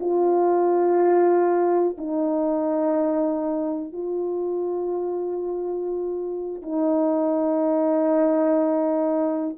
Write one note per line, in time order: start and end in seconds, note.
0.00 1.97 F4
1.98 3.93 D#4
3.93 6.62 F4
6.62 9.57 D#4